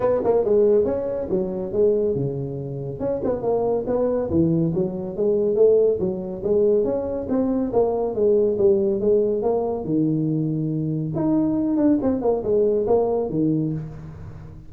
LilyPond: \new Staff \with { instrumentName = "tuba" } { \time 4/4 \tempo 4 = 140 b8 ais8 gis4 cis'4 fis4 | gis4 cis2 cis'8 b8 | ais4 b4 e4 fis4 | gis4 a4 fis4 gis4 |
cis'4 c'4 ais4 gis4 | g4 gis4 ais4 dis4~ | dis2 dis'4. d'8 | c'8 ais8 gis4 ais4 dis4 | }